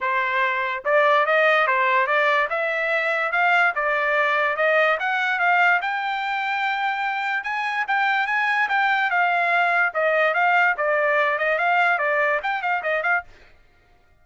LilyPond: \new Staff \with { instrumentName = "trumpet" } { \time 4/4 \tempo 4 = 145 c''2 d''4 dis''4 | c''4 d''4 e''2 | f''4 d''2 dis''4 | fis''4 f''4 g''2~ |
g''2 gis''4 g''4 | gis''4 g''4 f''2 | dis''4 f''4 d''4. dis''8 | f''4 d''4 g''8 f''8 dis''8 f''8 | }